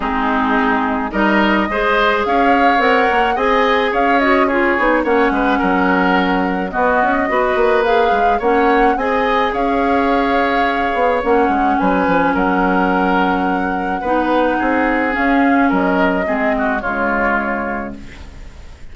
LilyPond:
<<
  \new Staff \with { instrumentName = "flute" } { \time 4/4 \tempo 4 = 107 gis'2 dis''2 | f''4 fis''4 gis''4 f''8 dis''8 | cis''4 fis''2. | dis''2 f''4 fis''4 |
gis''4 f''2. | fis''4 gis''4 fis''2~ | fis''2. f''4 | dis''2 cis''2 | }
  \new Staff \with { instrumentName = "oboe" } { \time 4/4 dis'2 ais'4 c''4 | cis''2 dis''4 cis''4 | gis'4 cis''8 b'8 ais'2 | fis'4 b'2 cis''4 |
dis''4 cis''2.~ | cis''4 b'4 ais'2~ | ais'4 b'4 gis'2 | ais'4 gis'8 fis'8 f'2 | }
  \new Staff \with { instrumentName = "clarinet" } { \time 4/4 c'2 dis'4 gis'4~ | gis'4 ais'4 gis'4. fis'8 | f'8 dis'8 cis'2. | b4 fis'4 gis'4 cis'4 |
gis'1 | cis'1~ | cis'4 dis'2 cis'4~ | cis'4 c'4 gis2 | }
  \new Staff \with { instrumentName = "bassoon" } { \time 4/4 gis2 g4 gis4 | cis'4 c'8 ais8 c'4 cis'4~ | cis'8 b8 ais8 gis8 fis2 | b8 cis'8 b8 ais4 gis8 ais4 |
c'4 cis'2~ cis'8 b8 | ais8 gis8 fis8 f8 fis2~ | fis4 b4 c'4 cis'4 | fis4 gis4 cis2 | }
>>